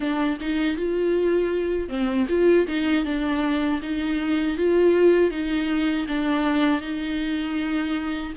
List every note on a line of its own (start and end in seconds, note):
0.00 0.38 D4
0.40 0.76 D#4
0.76 1.88 F4
1.88 2.26 C4
2.29 2.67 F4
2.67 3.04 D#4
3.04 3.80 D4
3.81 4.57 D#4
4.57 5.30 F4
5.30 6.06 D#4
6.08 6.81 D4
6.81 8.33 D#4